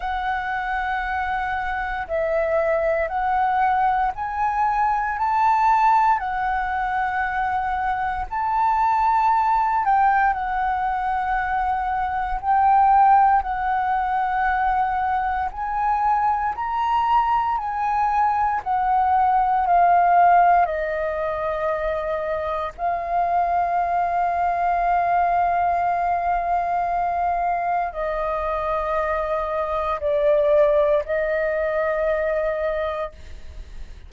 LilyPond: \new Staff \with { instrumentName = "flute" } { \time 4/4 \tempo 4 = 58 fis''2 e''4 fis''4 | gis''4 a''4 fis''2 | a''4. g''8 fis''2 | g''4 fis''2 gis''4 |
ais''4 gis''4 fis''4 f''4 | dis''2 f''2~ | f''2. dis''4~ | dis''4 d''4 dis''2 | }